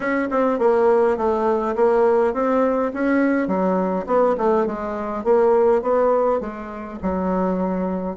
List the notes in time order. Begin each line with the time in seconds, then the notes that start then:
0.00 C#4
0.30 C4
0.59 A#3
1.17 A3
1.75 A#3
2.33 C4
2.93 C#4
3.47 F#3
4.06 B3
4.37 A3
4.66 G#3
5.23 A#3
5.82 B3
6.40 G#3
7.02 F#3